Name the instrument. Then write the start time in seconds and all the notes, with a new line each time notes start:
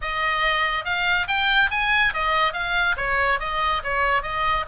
oboe
0.01 D#5
0.84 F5
1.27 G5
1.70 G#5
2.13 D#5
2.53 F5
2.97 C#5
3.39 D#5
3.83 C#5
4.22 D#5